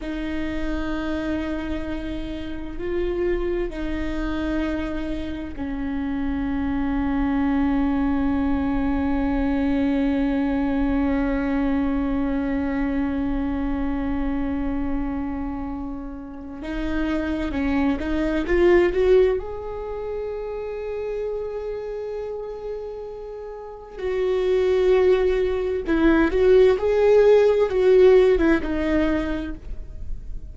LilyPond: \new Staff \with { instrumentName = "viola" } { \time 4/4 \tempo 4 = 65 dis'2. f'4 | dis'2 cis'2~ | cis'1~ | cis'1~ |
cis'2 dis'4 cis'8 dis'8 | f'8 fis'8 gis'2.~ | gis'2 fis'2 | e'8 fis'8 gis'4 fis'8. e'16 dis'4 | }